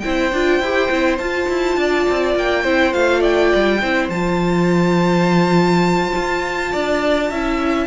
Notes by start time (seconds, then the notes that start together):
0.00 C4 E4 C5 G5
0.33 D4 F4
0.60 E4 G4
0.91 C4 E4
1.18 F4 A5
1.49 E4
1.77 D4 D5
2.10 C4
2.35 A#3 G5
2.63 C4 E4 C5
2.93 A3 F4 F5
3.20 D5 G5
3.55 G3
3.82 C4 E4 C5
4.09 F3 F4 A5
6.16 F4
6.72 D4 D5
7.30 C#4 E4 E5